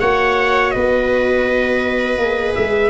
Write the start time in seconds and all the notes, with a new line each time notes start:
0.00 A#3 F#4 C#5 F#5
0.71 B3 B4 D#5
2.18 A#3 G#4
2.55 G#3 E5